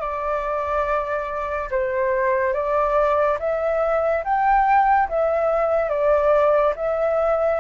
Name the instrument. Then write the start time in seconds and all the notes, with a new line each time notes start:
flute
0.00 D5
1.71 C5
2.54 D5
3.39 E5
4.24 G5
5.09 E5
5.89 D5
6.76 E5